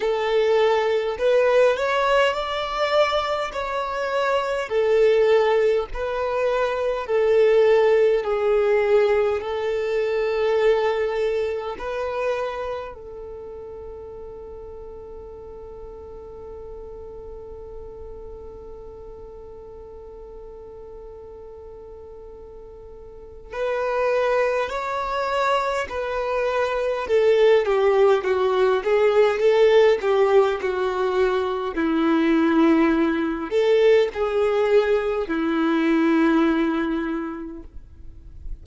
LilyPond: \new Staff \with { instrumentName = "violin" } { \time 4/4 \tempo 4 = 51 a'4 b'8 cis''8 d''4 cis''4 | a'4 b'4 a'4 gis'4 | a'2 b'4 a'4~ | a'1~ |
a'1 | b'4 cis''4 b'4 a'8 g'8 | fis'8 gis'8 a'8 g'8 fis'4 e'4~ | e'8 a'8 gis'4 e'2 | }